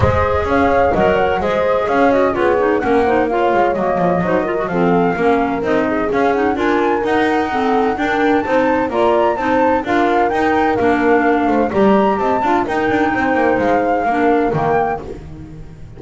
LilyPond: <<
  \new Staff \with { instrumentName = "flute" } { \time 4/4 \tempo 4 = 128 dis''4 f''4 fis''4 dis''4 | f''8 dis''8 cis''4 fis''4 f''4 | dis''2 f''2 | dis''4 f''8 fis''8 gis''4 fis''4~ |
fis''4 g''4 a''4 ais''4 | a''4 f''4 g''4 f''4~ | f''4 ais''4 a''4 g''4~ | g''4 f''2 g''4 | }
  \new Staff \with { instrumentName = "horn" } { \time 4/4 c''4 cis''4 dis''8 cis''8 c''4 | cis''4 gis'4 ais'8 c''8 cis''4~ | cis''4 c''8 ais'8 a'4 ais'4~ | ais'8 gis'4. ais'2 |
a'4 ais'4 c''4 d''4 | c''4 ais'2.~ | ais'8 c''8 d''4 dis''8 f''8 ais'4 | c''2 ais'2 | }
  \new Staff \with { instrumentName = "clarinet" } { \time 4/4 gis'2 ais'4 gis'4~ | gis'8 fis'8 f'8 dis'8 cis'8 dis'8 f'4 | ais4 dis'8 f'16 fis'16 c'4 cis'4 | dis'4 cis'8 dis'8 f'4 dis'4 |
c'4 d'4 dis'4 f'4 | dis'4 f'4 dis'4 d'4~ | d'4 g'4. f'8 dis'4~ | dis'2 d'4 ais4 | }
  \new Staff \with { instrumentName = "double bass" } { \time 4/4 gis4 cis'4 fis4 gis4 | cis'4 b4 ais4. gis8 | fis8 f8 fis4 f4 ais4 | c'4 cis'4 d'4 dis'4~ |
dis'4 d'4 c'4 ais4 | c'4 d'4 dis'4 ais4~ | ais8 a8 g4 c'8 d'8 dis'8 d'8 | c'8 ais8 gis4 ais4 dis4 | }
>>